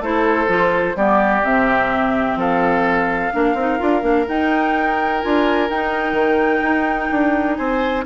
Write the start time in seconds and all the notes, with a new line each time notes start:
0.00 A3 E4 A4 C5
0.48 F3 F4
0.96 G3 B3 G4 D5
1.44 C3 C4 E5
2.36 F3 A4 F5
3.32 A#3 D4 A#4
3.54 C4 D#4
3.79 D4 F4
4.02 A#3 D4
4.28 D#4 G5
5.22 D4 F4 G#5
5.70 D#4 G5
6.12 D#3
6.62 D#4
7.12 D4
7.56 C4 C5 G#5